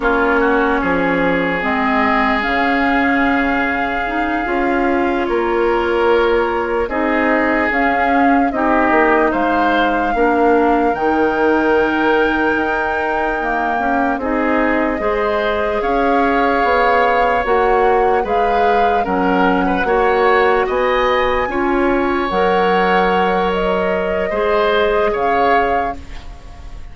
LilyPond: <<
  \new Staff \with { instrumentName = "flute" } { \time 4/4 \tempo 4 = 74 cis''2 dis''4 f''4~ | f''2~ f''8 cis''4.~ | cis''8 dis''4 f''4 dis''4 f''8~ | f''4. g''2~ g''8~ |
g''4. dis''2 f''8~ | f''4. fis''4 f''4 fis''8~ | fis''4. gis''2 fis''8~ | fis''4 dis''2 f''4 | }
  \new Staff \with { instrumentName = "oboe" } { \time 4/4 f'8 fis'8 gis'2.~ | gis'2~ gis'8 ais'4.~ | ais'8 gis'2 g'4 c''8~ | c''8 ais'2.~ ais'8~ |
ais'4. gis'4 c''4 cis''8~ | cis''2~ cis''8 b'4 ais'8~ | ais'16 b'16 cis''4 dis''4 cis''4.~ | cis''2 c''4 cis''4 | }
  \new Staff \with { instrumentName = "clarinet" } { \time 4/4 cis'2 c'4 cis'4~ | cis'4 dis'8 f'2~ f'8~ | f'8 dis'4 cis'4 dis'4.~ | dis'8 d'4 dis'2~ dis'8~ |
dis'8 ais4 dis'4 gis'4.~ | gis'4. fis'4 gis'4 cis'8~ | cis'8 fis'2 f'4 ais'8~ | ais'2 gis'2 | }
  \new Staff \with { instrumentName = "bassoon" } { \time 4/4 ais4 f4 gis4 cis4~ | cis4. cis'4 ais4.~ | ais8 c'4 cis'4 c'8 ais8 gis8~ | gis8 ais4 dis2 dis'8~ |
dis'4 cis'8 c'4 gis4 cis'8~ | cis'8 b4 ais4 gis4 fis8~ | fis8 ais4 b4 cis'4 fis8~ | fis2 gis4 cis4 | }
>>